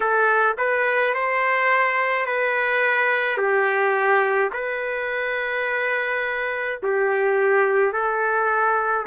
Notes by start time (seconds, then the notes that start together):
0.00 A4
0.57 B4
1.14 C5
2.26 B4
3.37 G4
4.53 B4
6.82 G4
7.92 A4